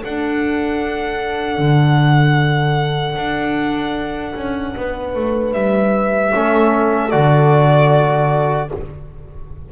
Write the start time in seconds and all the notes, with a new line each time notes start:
0.00 D4 A4 F#5
1.58 D3
3.16 D4
4.35 C#4
4.76 B3 B4
5.15 A3
5.53 G3 E5
6.34 A3 C#4 A4
7.11 D3 F#4 D5